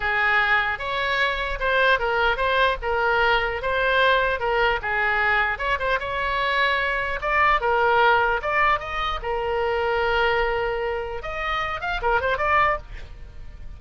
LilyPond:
\new Staff \with { instrumentName = "oboe" } { \time 4/4 \tempo 4 = 150 gis'2 cis''2 | c''4 ais'4 c''4 ais'4~ | ais'4 c''2 ais'4 | gis'2 cis''8 c''8 cis''4~ |
cis''2 d''4 ais'4~ | ais'4 d''4 dis''4 ais'4~ | ais'1 | dis''4. f''8 ais'8 c''8 d''4 | }